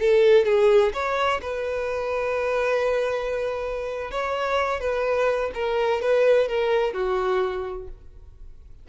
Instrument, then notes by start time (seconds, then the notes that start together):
violin
0.00 A4
0.46 G#4
0.93 C#5
1.42 B4
4.11 C#5
4.80 B4
5.54 A#4
6.02 B4
6.49 A#4
6.94 F#4